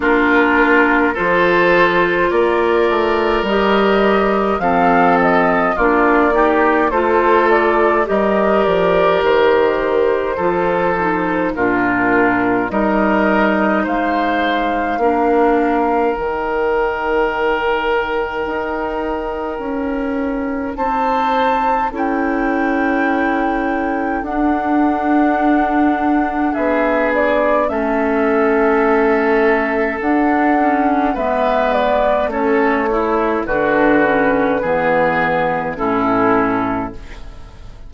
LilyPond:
<<
  \new Staff \with { instrumentName = "flute" } { \time 4/4 \tempo 4 = 52 ais'4 c''4 d''4 dis''4 | f''8 dis''8 d''4 c''8 d''8 dis''8 d''8 | c''2 ais'4 dis''4 | f''2 g''2~ |
g''2 a''4 g''4~ | g''4 fis''2 e''8 d''8 | e''2 fis''4 e''8 d''8 | cis''4 b'2 a'4 | }
  \new Staff \with { instrumentName = "oboe" } { \time 4/4 f'4 a'4 ais'2 | a'4 f'8 g'8 a'4 ais'4~ | ais'4 a'4 f'4 ais'4 | c''4 ais'2.~ |
ais'2 c''4 a'4~ | a'2. gis'4 | a'2. b'4 | a'8 e'8 fis'4 gis'4 e'4 | }
  \new Staff \with { instrumentName = "clarinet" } { \time 4/4 d'4 f'2 g'4 | c'4 d'8 dis'8 f'4 g'4~ | g'4 f'8 dis'8 d'4 dis'4~ | dis'4 d'4 dis'2~ |
dis'2. e'4~ | e'4 d'2. | cis'2 d'8 cis'8 b4 | cis'8 e'8 d'8 cis'8 b4 cis'4 | }
  \new Staff \with { instrumentName = "bassoon" } { \time 4/4 ais4 f4 ais8 a8 g4 | f4 ais4 a4 g8 f8 | dis4 f4 ais,4 g4 | gis4 ais4 dis2 |
dis'4 cis'4 c'4 cis'4~ | cis'4 d'2 b4 | a2 d'4 gis4 | a4 d4 e4 a,4 | }
>>